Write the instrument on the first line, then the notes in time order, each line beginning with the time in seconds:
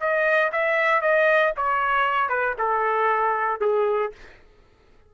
trumpet
0.00 D#5
0.52 E5
1.01 D#5
1.56 C#5
2.29 B4
2.58 A4
3.61 G#4